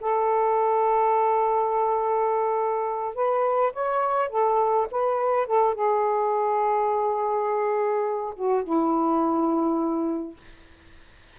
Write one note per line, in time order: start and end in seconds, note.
0.00 3.15 A4
3.15 3.72 B4
3.73 4.29 C#5
4.29 4.87 A4
4.91 5.47 B4
5.47 5.74 A4
5.74 8.34 G#4
8.36 8.63 F#4
8.63 10.36 E4